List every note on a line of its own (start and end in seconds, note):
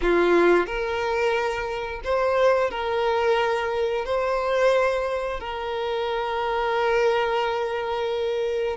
0.01 0.66 F4
0.66 2.01 A#4
2.04 2.70 C5
2.70 4.04 A#4
4.05 5.40 C5
5.40 8.76 A#4